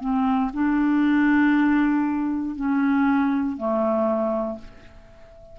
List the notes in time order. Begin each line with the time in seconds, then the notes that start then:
0.00 C4
0.53 D4
2.56 C#4
3.57 A3